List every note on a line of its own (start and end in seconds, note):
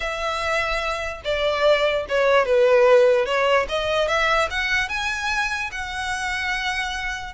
0.00 1.21 E5
1.24 2.06 D5
2.09 2.45 C#5
2.45 3.25 B4
3.25 3.66 C#5
3.68 4.08 D#5
4.08 4.48 E5
4.50 4.88 F#5
4.88 5.70 G#5
5.71 7.33 F#5